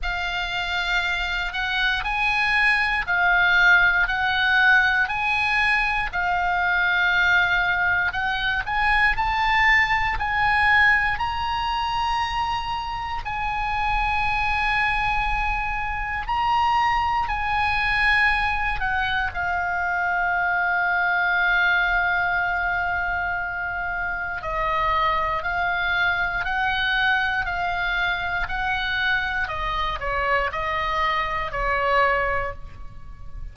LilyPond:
\new Staff \with { instrumentName = "oboe" } { \time 4/4 \tempo 4 = 59 f''4. fis''8 gis''4 f''4 | fis''4 gis''4 f''2 | fis''8 gis''8 a''4 gis''4 ais''4~ | ais''4 gis''2. |
ais''4 gis''4. fis''8 f''4~ | f''1 | dis''4 f''4 fis''4 f''4 | fis''4 dis''8 cis''8 dis''4 cis''4 | }